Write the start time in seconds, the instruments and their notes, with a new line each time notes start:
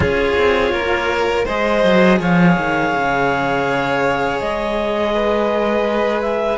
0.00 cello C#4 F4, violin G#4, clarinet C#5
0.37 cello C4
0.71 cello A#3, violin A#4
1.45 cello G#3 G#4, violin C5, clarinet D#5
1.84 cello F#3
2.20 cello F3, violin C#5, clarinet F5
2.57 cello D#3
2.94 cello C#3
4.40 cello G#3, clarinet D#5
5.14 violin B4
6.21 clarinet E5